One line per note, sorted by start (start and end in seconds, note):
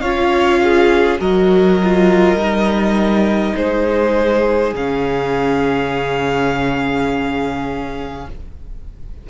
0.00 1.20 C#4
0.00 1.19 F4
0.00 0.61 C#5
0.00 1.18 F5
0.63 1.21 G#4
1.19 2.36 F#3
1.19 1.78 F#4
1.19 3.56 A#4
1.19 3.56 D#5
1.84 2.39 F4
2.36 3.53 G3
2.36 4.74 D#4
3.56 4.74 G#3
3.56 8.28 G#4
3.56 4.74 C5
4.74 8.26 C#3
4.74 8.30 C#4
4.74 8.29 F5